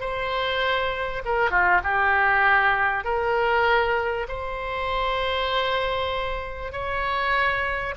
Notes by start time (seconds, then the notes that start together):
0.00 C5
1.25 A#4
1.51 F4
1.83 G4
3.04 A#4
4.28 C5
6.72 C#5